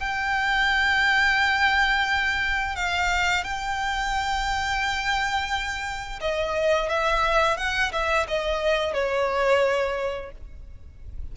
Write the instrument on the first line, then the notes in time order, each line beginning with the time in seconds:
violin
0.00 G5
2.76 F5
3.44 G5
6.21 D#5
6.89 E5
7.57 F#5
7.92 E5
8.28 D#5
8.94 C#5